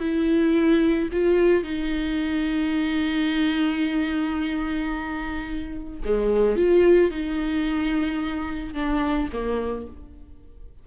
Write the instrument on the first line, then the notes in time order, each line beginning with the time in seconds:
viola
0.00 E4
1.12 F4
1.64 D#4
6.05 G#3
6.57 F4
7.11 D#4
8.74 D4
9.33 A#3